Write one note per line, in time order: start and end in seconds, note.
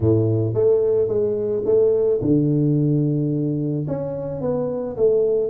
0.00 0.54 A2
0.54 1.08 A3
1.08 1.63 G#3
1.65 2.20 A3
2.21 3.86 D3
3.87 4.41 C#4
4.41 4.96 B3
4.96 5.49 A3